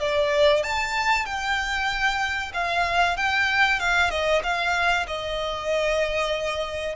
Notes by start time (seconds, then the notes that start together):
0.00 D5
0.63 A5
1.26 G5
2.53 F5
3.17 G5
3.80 F5
4.10 D#5
4.43 F5
5.07 D#5